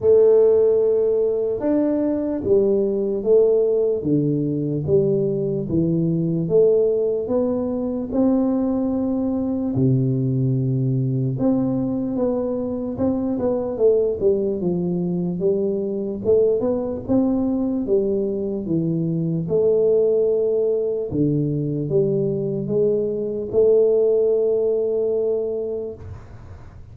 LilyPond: \new Staff \with { instrumentName = "tuba" } { \time 4/4 \tempo 4 = 74 a2 d'4 g4 | a4 d4 g4 e4 | a4 b4 c'2 | c2 c'4 b4 |
c'8 b8 a8 g8 f4 g4 | a8 b8 c'4 g4 e4 | a2 d4 g4 | gis4 a2. | }